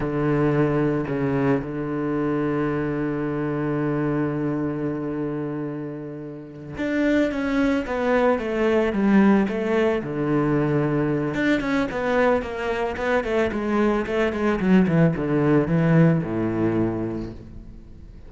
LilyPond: \new Staff \with { instrumentName = "cello" } { \time 4/4 \tempo 4 = 111 d2 cis4 d4~ | d1~ | d1~ | d8 d'4 cis'4 b4 a8~ |
a8 g4 a4 d4.~ | d4 d'8 cis'8 b4 ais4 | b8 a8 gis4 a8 gis8 fis8 e8 | d4 e4 a,2 | }